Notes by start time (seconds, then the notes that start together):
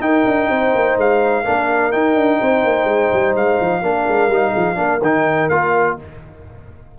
0.00 D#4 A#4 G5
0.25 D4
0.49 C4 C5
0.75 A#3
0.97 G#3 F5
1.44 A#3 D4 A#4
1.92 D#4 G5
2.15 D4
2.38 C4 C5
2.64 A#3
2.85 G#3
3.13 G3
3.35 G#3 F5
3.60 F3
3.82 A#3 D4 A#4
4.08 G#3
4.28 G3 D#4
4.51 F3 G#4
4.75 A#3 D4 A#4
5.01 D#3 D#4 G5
5.49 A#3 F4 F5